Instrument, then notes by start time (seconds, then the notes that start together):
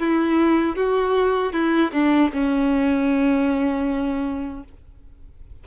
violin
0.00 E4
0.77 F#4
1.53 E4
1.93 D4
2.33 C#4